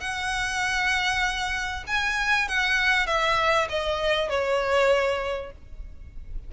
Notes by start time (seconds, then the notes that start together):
0.00 F#5
1.87 G#5
2.48 F#5
3.07 E5
3.69 D#5
4.29 C#5